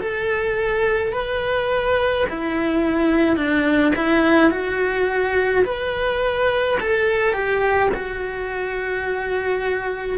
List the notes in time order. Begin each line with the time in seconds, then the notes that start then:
0.00 A4
1.12 B4
2.29 E4
3.36 D4
3.95 E4
4.50 F#4
5.64 B4
6.80 A4
7.33 G4
7.94 F#4